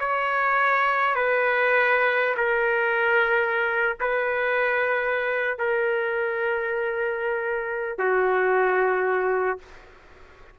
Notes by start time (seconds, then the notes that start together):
0.00 C#5
1.16 B4
2.37 A#4
4.01 B4
5.59 A#4
7.99 F#4